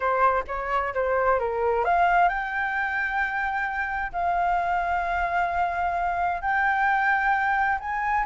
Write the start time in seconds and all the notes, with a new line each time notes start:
0.00 C5
0.47 C#5
0.93 C5
1.39 A#4
1.84 F5
2.28 G5
4.12 F5
6.41 G5
7.79 G#5